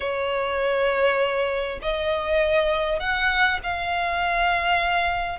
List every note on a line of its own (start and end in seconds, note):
0.00 1.79 C#5
1.82 2.99 D#5
2.99 3.59 F#5
3.63 5.39 F5